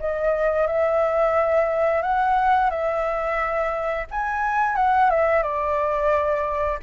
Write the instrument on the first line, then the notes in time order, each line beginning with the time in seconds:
flute
0.00 D#5
0.67 E5
2.02 F#5
2.70 E5
4.11 G#5
4.76 F#5
5.10 E5
5.43 D5